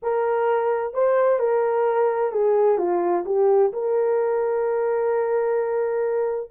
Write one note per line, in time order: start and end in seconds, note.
0.02 0.93 A#4
0.93 1.39 C5
1.39 2.32 A#4
2.32 2.78 G#4
2.78 3.24 F4
3.25 3.72 G4
3.72 6.50 A#4